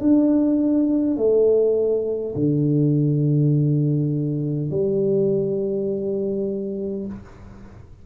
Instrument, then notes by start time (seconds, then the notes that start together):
tuba
0.00 D4
1.17 A3
2.35 D3
4.71 G3